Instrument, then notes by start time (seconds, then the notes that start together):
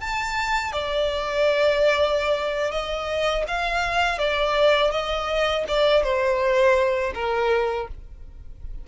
violin
0.00 A5
0.72 D5
2.71 D#5
3.48 F5
4.18 D5
4.91 D#5
5.68 D5
6.03 C5
7.14 A#4